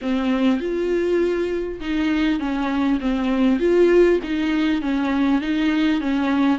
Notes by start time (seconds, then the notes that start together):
0.01 C4
0.60 F4
1.80 D#4
2.39 C#4
3.00 C4
3.59 F4
4.23 D#4
4.81 C#4
5.41 D#4
6.00 C#4